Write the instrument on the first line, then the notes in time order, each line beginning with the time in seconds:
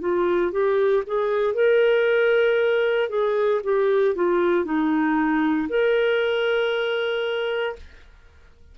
clarinet
0.00 F4
0.52 G4
1.07 G#4
1.54 A#4
3.09 G#4
3.63 G4
4.15 F4
4.65 D#4
5.69 A#4